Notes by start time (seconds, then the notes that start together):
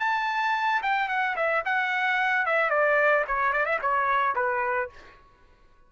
0.00 A5
0.83 G5
1.09 F#5
1.36 E5
1.66 F#5
2.46 E5
2.70 D5
3.28 C#5
3.53 D5
3.66 E5
3.82 C#5
4.35 B4